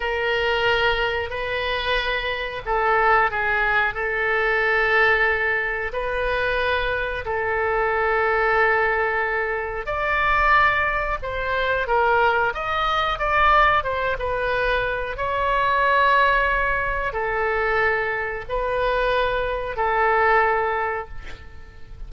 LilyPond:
\new Staff \with { instrumentName = "oboe" } { \time 4/4 \tempo 4 = 91 ais'2 b'2 | a'4 gis'4 a'2~ | a'4 b'2 a'4~ | a'2. d''4~ |
d''4 c''4 ais'4 dis''4 | d''4 c''8 b'4. cis''4~ | cis''2 a'2 | b'2 a'2 | }